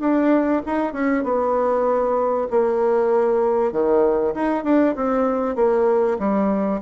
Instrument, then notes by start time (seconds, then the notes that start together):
bassoon
0.00 D4
0.66 D#4
0.93 C#4
1.24 B3
2.51 A#3
3.72 D#3
4.34 D#4
4.64 D4
4.96 C4
5.56 A#3
6.19 G3